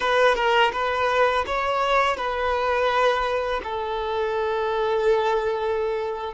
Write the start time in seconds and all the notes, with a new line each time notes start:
0.00 B4
0.35 A#4
0.72 B4
1.46 C#5
2.16 B4
3.63 A4